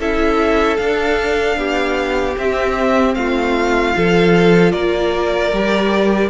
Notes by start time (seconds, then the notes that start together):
0.00 C#4 E4 A4 E5
0.77 D4 F5
1.57 B3 G4
2.37 C4 E5
3.15 A3 F4 F5
3.94 F3 F4 A4
4.72 A#3 A#4 D5
5.53 G3 G4